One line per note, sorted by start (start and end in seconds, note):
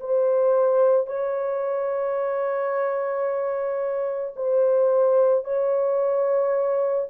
0.00 1.07 C5
1.07 4.34 C#5
4.36 5.44 C5
5.44 7.08 C#5